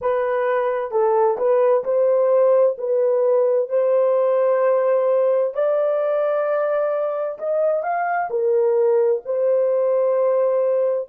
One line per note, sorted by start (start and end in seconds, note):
0.01 0.91 B4
0.91 1.37 A4
1.37 1.83 B4
1.84 2.76 C5
2.78 3.69 B4
3.69 5.53 C5
5.53 7.38 D5
7.38 7.82 D#5
7.82 8.28 F5
8.30 9.22 A#4
9.25 11.09 C5